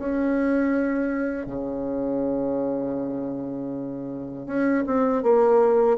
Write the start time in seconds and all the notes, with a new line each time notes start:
0.00 C#4
1.47 C#3
4.47 C#4
4.87 C4
5.23 A#3